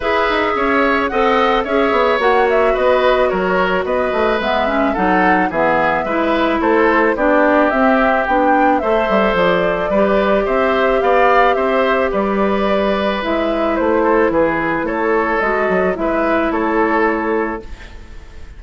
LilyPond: <<
  \new Staff \with { instrumentName = "flute" } { \time 4/4 \tempo 4 = 109 e''2 fis''4 e''4 | fis''8 e''8 dis''4 cis''4 dis''4 | e''4 fis''4 e''2 | c''4 d''4 e''4 g''4 |
e''4 d''2 e''4 | f''4 e''4 d''2 | e''4 c''4 b'4 cis''4 | dis''4 e''4 cis''2 | }
  \new Staff \with { instrumentName = "oboe" } { \time 4/4 b'4 cis''4 dis''4 cis''4~ | cis''4 b'4 ais'4 b'4~ | b'4 a'4 gis'4 b'4 | a'4 g'2. |
c''2 b'4 c''4 | d''4 c''4 b'2~ | b'4. a'8 gis'4 a'4~ | a'4 b'4 a'2 | }
  \new Staff \with { instrumentName = "clarinet" } { \time 4/4 gis'2 a'4 gis'4 | fis'1 | b8 cis'8 dis'4 b4 e'4~ | e'4 d'4 c'4 d'4 |
a'2 g'2~ | g'1 | e'1 | fis'4 e'2. | }
  \new Staff \with { instrumentName = "bassoon" } { \time 4/4 e'8 dis'8 cis'4 c'4 cis'8 b8 | ais4 b4 fis4 b8 a8 | gis4 fis4 e4 gis4 | a4 b4 c'4 b4 |
a8 g8 f4 g4 c'4 | b4 c'4 g2 | gis4 a4 e4 a4 | gis8 fis8 gis4 a2 | }
>>